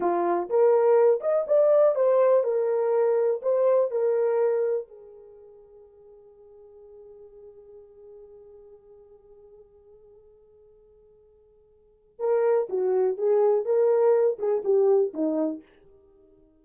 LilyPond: \new Staff \with { instrumentName = "horn" } { \time 4/4 \tempo 4 = 123 f'4 ais'4. dis''8 d''4 | c''4 ais'2 c''4 | ais'2 gis'2~ | gis'1~ |
gis'1~ | gis'1~ | gis'4 ais'4 fis'4 gis'4 | ais'4. gis'8 g'4 dis'4 | }